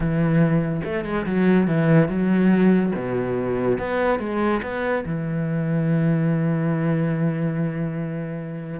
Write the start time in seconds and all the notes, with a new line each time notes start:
0.00 E3
0.84 A3
1.04 G#3
1.25 F#3
1.67 E3
2.08 F#3
2.95 B2
3.78 B3
4.19 G#3
4.62 B3
5.05 E3